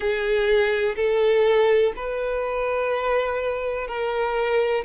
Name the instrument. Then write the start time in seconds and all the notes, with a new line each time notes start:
violin
0.00 G#4
0.96 A4
1.96 B4
3.87 A#4